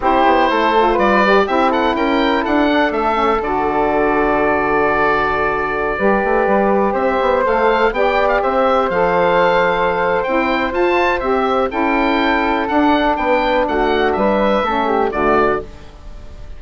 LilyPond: <<
  \new Staff \with { instrumentName = "oboe" } { \time 4/4 \tempo 4 = 123 c''2 d''4 e''8 fis''8 | g''4 fis''4 e''4 d''4~ | d''1~ | d''2~ d''16 e''4 f''8.~ |
f''16 g''8. f''16 e''4 f''4.~ f''16~ | f''4 g''4 a''4 e''4 | g''2 fis''4 g''4 | fis''4 e''2 d''4 | }
  \new Staff \with { instrumentName = "flute" } { \time 4/4 g'4 a'4 b'4 g'8 a'8 | ais'4 a'2.~ | a'1~ | a'16 b'2 c''4.~ c''16~ |
c''16 d''4 c''2~ c''8.~ | c''1 | a'2. b'4 | fis'4 b'4 a'8 g'8 fis'4 | }
  \new Staff \with { instrumentName = "saxophone" } { \time 4/4 e'4. f'4 g'8 e'4~ | e'4. d'4 cis'8 fis'4~ | fis'1~ | fis'16 g'2. a'8.~ |
a'16 g'2 a'4.~ a'16~ | a'4 e'4 f'4 g'4 | e'2 d'2~ | d'2 cis'4 a4 | }
  \new Staff \with { instrumentName = "bassoon" } { \time 4/4 c'8 b8 a4 g4 c'4 | cis'4 d'4 a4 d4~ | d1~ | d16 g8 a8 g4 c'8 b8 a8.~ |
a16 b4 c'4 f4.~ f16~ | f4 c'4 f'4 c'4 | cis'2 d'4 b4 | a4 g4 a4 d4 | }
>>